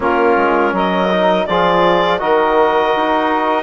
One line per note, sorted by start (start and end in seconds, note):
0.00 0.36 A#3
0.00 1.08 C#4
0.00 0.72 F4
0.00 0.76 A#4
0.36 0.72 G#3
0.72 1.45 F#3
0.72 1.46 A#4
0.72 1.46 D#5
1.11 1.48 D#4
1.46 2.21 F3
1.46 2.18 F4
1.46 2.19 G#4
1.46 2.19 D5
2.18 2.94 D#3
2.18 3.63 F#4
2.18 3.63 A#4
2.18 3.63 D#5
2.95 3.63 D#4